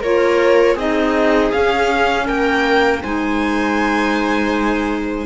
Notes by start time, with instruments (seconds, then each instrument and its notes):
0.00 cello A#3, clarinet F4, viola A#4, violin C#5
0.74 cello C4, clarinet D#4, viola G#4, violin D#5
1.52 clarinet C#4, cello C#4, violin F5
2.26 cello A#3, viola A#4, violin G5
3.03 cello G#3, clarinet D#4, viola C5, violin G#5